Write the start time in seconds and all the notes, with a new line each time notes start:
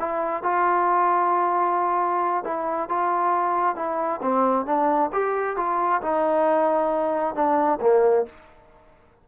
0.00 E4
0.43 F4
2.45 E4
2.89 F4
3.77 E4
4.23 C4
4.66 D4
5.13 G4
5.57 F4
6.02 D#4
7.35 D4
7.81 A#3